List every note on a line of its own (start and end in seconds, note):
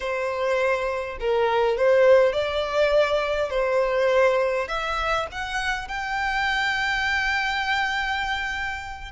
0.00 1.17 C5
1.20 1.77 A#4
1.77 2.33 C5
2.33 3.50 D5
3.50 4.67 C5
4.68 5.26 E5
5.31 5.88 F#5
5.88 9.11 G5